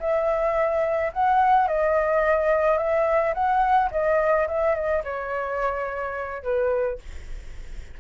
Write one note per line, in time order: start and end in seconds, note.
0.00 1.12 E5
1.13 1.68 F#5
1.68 2.78 D#5
2.78 3.34 E5
3.34 3.90 F#5
3.91 4.47 D#5
4.48 4.75 E5
4.75 5.03 D#5
5.04 6.43 C#5
6.43 6.99 B4